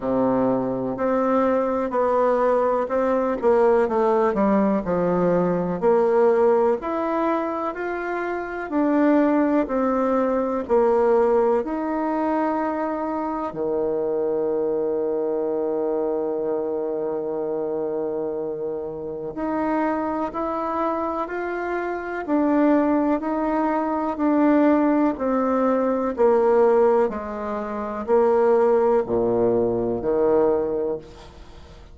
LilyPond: \new Staff \with { instrumentName = "bassoon" } { \time 4/4 \tempo 4 = 62 c4 c'4 b4 c'8 ais8 | a8 g8 f4 ais4 e'4 | f'4 d'4 c'4 ais4 | dis'2 dis2~ |
dis1 | dis'4 e'4 f'4 d'4 | dis'4 d'4 c'4 ais4 | gis4 ais4 ais,4 dis4 | }